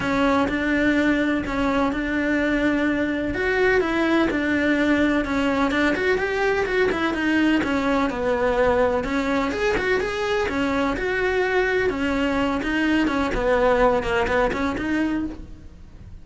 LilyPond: \new Staff \with { instrumentName = "cello" } { \time 4/4 \tempo 4 = 126 cis'4 d'2 cis'4 | d'2. fis'4 | e'4 d'2 cis'4 | d'8 fis'8 g'4 fis'8 e'8 dis'4 |
cis'4 b2 cis'4 | gis'8 fis'8 gis'4 cis'4 fis'4~ | fis'4 cis'4. dis'4 cis'8 | b4. ais8 b8 cis'8 dis'4 | }